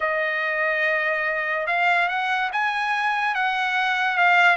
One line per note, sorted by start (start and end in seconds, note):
0.00 1.66 D#5
1.66 2.08 F5
2.08 2.50 F#5
2.52 3.34 G#5
3.34 4.17 F#5
4.17 4.56 F5